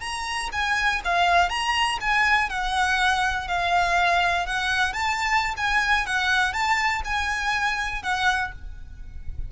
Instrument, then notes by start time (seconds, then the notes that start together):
violin
0.00 A#5
0.52 G#5
1.05 F5
1.49 A#5
2.01 G#5
2.49 F#5
3.48 F5
4.46 F#5
4.93 A5
5.57 G#5
6.06 F#5
6.53 A5
7.04 G#5
8.03 F#5